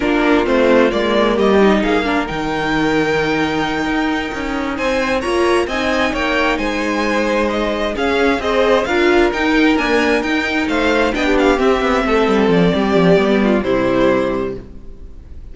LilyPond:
<<
  \new Staff \with { instrumentName = "violin" } { \time 4/4 \tempo 4 = 132 ais'4 c''4 d''4 dis''4 | f''4 g''2.~ | g''2~ g''8 gis''4 ais''8~ | ais''8 gis''4 g''4 gis''4.~ |
gis''8 dis''4 f''4 dis''4 f''8~ | f''8 g''4 gis''4 g''4 f''8~ | f''8 g''8 f''8 e''2 d''8~ | d''2 c''2 | }
  \new Staff \with { instrumentName = "violin" } { \time 4/4 f'2. g'4 | gis'8 ais'2.~ ais'8~ | ais'2~ ais'8 c''4 cis''8~ | cis''8 dis''4 cis''4 c''4.~ |
c''4. gis'4 c''4 ais'8~ | ais'2.~ ais'8 c''8~ | c''8 dis''16 g'4.~ g'16 a'4. | g'4. f'8 e'2 | }
  \new Staff \with { instrumentName = "viola" } { \time 4/4 d'4 c'4 ais4. dis'8~ | dis'8 d'8 dis'2.~ | dis'2.~ dis'8 f'8~ | f'8 dis'2.~ dis'8~ |
dis'4. cis'4 gis'4 f'8~ | f'8 dis'4 ais4 dis'4.~ | dis'8 d'4 c'2~ c'8~ | c'4 b4 g2 | }
  \new Staff \with { instrumentName = "cello" } { \time 4/4 ais4 a4 gis4 g4 | ais4 dis2.~ | dis8 dis'4 cis'4 c'4 ais8~ | ais8 c'4 ais4 gis4.~ |
gis4. cis'4 c'4 d'8~ | d'8 dis'4 d'4 dis'4 a8~ | a8 b4 c'8 b8 a8 g8 f8 | g8 f8 g4 c2 | }
>>